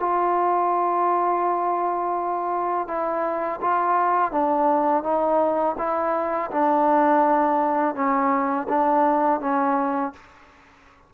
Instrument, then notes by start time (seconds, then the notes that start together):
trombone
0.00 F4
2.88 E4
3.61 F4
4.32 D4
5.04 D#4
5.78 E4
6.51 D4
7.95 C#4
8.69 D4
9.41 C#4